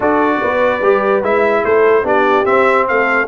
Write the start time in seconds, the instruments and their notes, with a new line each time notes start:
0.00 tuba D4, trombone F#4, horn A4, trumpet D5
0.40 tuba B3, horn B4
0.81 tuba G3, trombone G4
1.22 tuba G#3, trombone E4, trumpet E5
1.64 tuba A3, horn A4, trumpet C5
2.03 tuba B3, trombone D4, horn G4, trumpet D5
2.44 trombone C4, tuba C4, trumpet E5
2.87 tuba A3, horn A4, trumpet F5